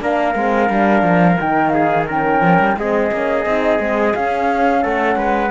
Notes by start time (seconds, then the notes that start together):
0.00 A#3 D4 A#4 F5
0.35 G#3 C4
0.69 G3 D4
1.03 F3
1.39 D#3 D#4 G5
1.70 G#4 F5
2.07 C#4 A#4 G5
2.42 F3
2.59 G3
2.77 G#3 C4 G#4 D#5
3.11 A#3 C#4
3.46 C4 D#4
3.80 G#3 C4
4.15 C#4 F5
4.83 A3 A4 F#5
5.16 G#3 B4